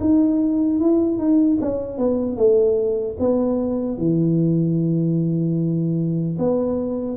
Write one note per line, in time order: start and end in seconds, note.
0.00 0.80 D#4
0.80 1.18 E4
1.18 1.58 D#4
1.61 1.98 C#4
1.98 2.37 B3
2.37 3.17 A3
3.20 3.98 B3
3.98 6.38 E3
6.39 7.17 B3